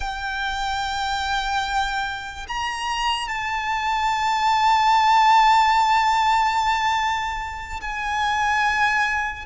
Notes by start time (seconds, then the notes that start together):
0.00 G5
2.47 A#5
3.28 A5
7.80 G#5